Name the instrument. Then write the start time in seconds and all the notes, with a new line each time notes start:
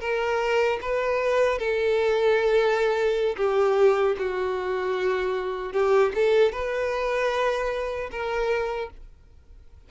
violin
0.00 A#4
0.81 B4
1.58 A4
3.37 G4
4.18 F#4
5.72 G4
6.14 A4
6.52 B4
8.11 A#4